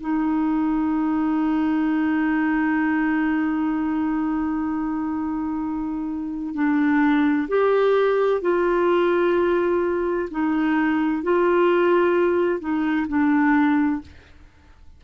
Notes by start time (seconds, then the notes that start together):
0.00 D#4
6.54 D4
7.48 G4
8.41 F4
10.31 D#4
11.23 F4
12.60 D#4
13.07 D4